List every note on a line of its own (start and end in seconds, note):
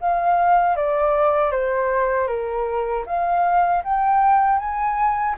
0.00 0.76 F5
0.76 1.51 D5
1.51 2.27 C5
2.27 3.04 A#4
3.06 3.83 F5
3.84 4.58 G5
4.58 5.35 G#5